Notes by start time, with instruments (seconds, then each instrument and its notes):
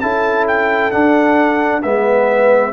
0.00 tuba C#4, trombone E4, horn A4, trumpet A5
0.48 trumpet G5
0.91 trombone D4, tuba D4, trumpet F#5
1.82 tuba G#3, trombone B3, horn B4, trumpet E5